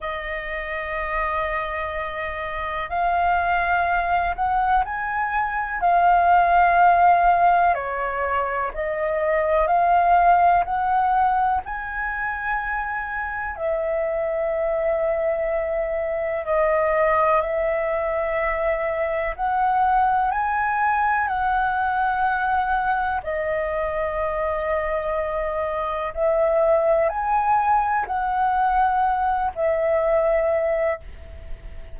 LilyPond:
\new Staff \with { instrumentName = "flute" } { \time 4/4 \tempo 4 = 62 dis''2. f''4~ | f''8 fis''8 gis''4 f''2 | cis''4 dis''4 f''4 fis''4 | gis''2 e''2~ |
e''4 dis''4 e''2 | fis''4 gis''4 fis''2 | dis''2. e''4 | gis''4 fis''4. e''4. | }